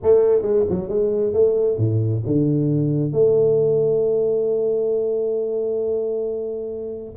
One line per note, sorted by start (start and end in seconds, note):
0.02 0.42 A3
0.42 0.64 G#3
0.69 0.89 F#3
0.89 1.33 G#3
1.33 1.77 A3
1.77 2.22 A2
2.26 3.12 D3
3.12 7.15 A3